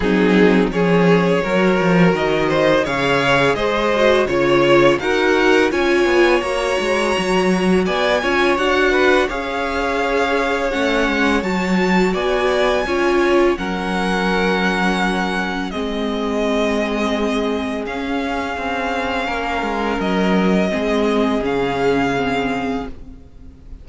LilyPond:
<<
  \new Staff \with { instrumentName = "violin" } { \time 4/4 \tempo 4 = 84 gis'4 cis''2 dis''4 | f''4 dis''4 cis''4 fis''4 | gis''4 ais''2 gis''4 | fis''4 f''2 fis''4 |
a''4 gis''2 fis''4~ | fis''2 dis''2~ | dis''4 f''2. | dis''2 f''2 | }
  \new Staff \with { instrumentName = "violin" } { \time 4/4 dis'4 gis'4 ais'4. c''8 | cis''4 c''4 cis''4 ais'4 | cis''2. d''8 cis''8~ | cis''8 b'8 cis''2.~ |
cis''4 d''4 cis''4 ais'4~ | ais'2 gis'2~ | gis'2. ais'4~ | ais'4 gis'2. | }
  \new Staff \with { instrumentName = "viola" } { \time 4/4 c'4 cis'4 fis'2 | gis'4. fis'8 f'4 fis'4 | f'4 fis'2~ fis'8 f'8 | fis'4 gis'2 cis'4 |
fis'2 f'4 cis'4~ | cis'2 c'2~ | c'4 cis'2.~ | cis'4 c'4 cis'4 c'4 | }
  \new Staff \with { instrumentName = "cello" } { \time 4/4 fis4 f4 fis8 f8 dis4 | cis4 gis4 cis4 dis'4 | cis'8 b8 ais8 gis8 fis4 b8 cis'8 | d'4 cis'2 a8 gis8 |
fis4 b4 cis'4 fis4~ | fis2 gis2~ | gis4 cis'4 c'4 ais8 gis8 | fis4 gis4 cis2 | }
>>